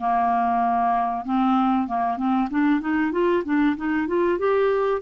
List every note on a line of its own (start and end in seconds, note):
0.00 1.25 A#3
1.25 1.88 C4
1.88 2.17 A#3
2.17 2.49 C4
2.50 2.81 D4
2.81 3.12 D#4
3.12 3.44 F4
3.45 3.76 D4
3.77 4.08 D#4
4.08 4.39 F4
4.39 5.02 G4